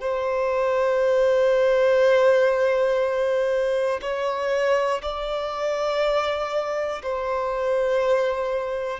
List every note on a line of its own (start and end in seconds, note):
0.00 4.00 C5
4.01 5.01 C#5
5.02 7.02 D5
7.02 9.00 C5